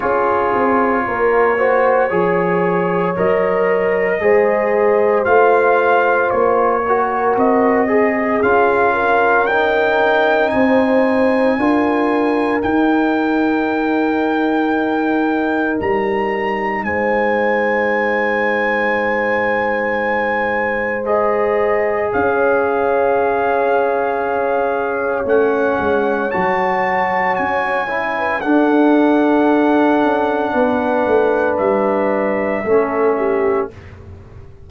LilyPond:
<<
  \new Staff \with { instrumentName = "trumpet" } { \time 4/4 \tempo 4 = 57 cis''2. dis''4~ | dis''4 f''4 cis''4 dis''4 | f''4 g''4 gis''2 | g''2. ais''4 |
gis''1 | dis''4 f''2. | fis''4 a''4 gis''4 fis''4~ | fis''2 e''2 | }
  \new Staff \with { instrumentName = "horn" } { \time 4/4 gis'4 ais'8 c''8 cis''2 | c''2~ c''8 ais'4 gis'8~ | gis'8 ais'4. c''4 ais'4~ | ais'1 |
c''1~ | c''4 cis''2.~ | cis''2~ cis''8. b'16 a'4~ | a'4 b'2 a'8 g'8 | }
  \new Staff \with { instrumentName = "trombone" } { \time 4/4 f'4. fis'8 gis'4 ais'4 | gis'4 f'4. fis'4 gis'8 | f'4 dis'2 f'4 | dis'1~ |
dis'1 | gis'1 | cis'4 fis'4. e'8 d'4~ | d'2. cis'4 | }
  \new Staff \with { instrumentName = "tuba" } { \time 4/4 cis'8 c'8 ais4 f4 fis4 | gis4 a4 ais4 c'4 | cis'2 c'4 d'4 | dis'2. g4 |
gis1~ | gis4 cis'2. | a8 gis8 fis4 cis'4 d'4~ | d'8 cis'8 b8 a8 g4 a4 | }
>>